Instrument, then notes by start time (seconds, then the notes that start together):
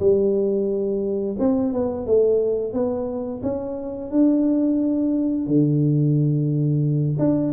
tuba
0.00 G3
1.40 C4
1.74 B3
2.07 A3
2.74 B3
3.43 C#4
4.11 D4
5.47 D3
7.19 D4